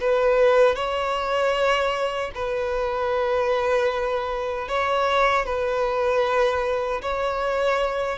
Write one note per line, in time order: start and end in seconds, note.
0.00 0.75 B4
0.75 2.31 C#5
2.34 4.68 B4
4.68 5.45 C#5
5.45 7.01 B4
7.01 8.18 C#5